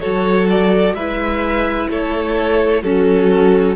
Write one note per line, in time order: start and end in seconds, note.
0.00 0.93 F#3
0.00 0.95 F#4
0.00 0.94 A4
0.00 0.47 C#5
0.50 0.95 D5
0.93 1.87 G#3
0.93 2.83 E4
0.93 1.89 B4
0.93 1.88 E5
1.90 2.82 A3
1.90 2.84 A4
1.90 2.83 C#5
2.82 3.76 F#3
2.82 3.76 C#4
2.82 3.76 F#4
2.82 3.76 A4